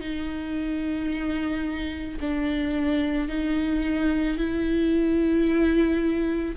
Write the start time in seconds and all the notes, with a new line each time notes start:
0.00 D#4
2.20 D4
3.28 D#4
4.37 E4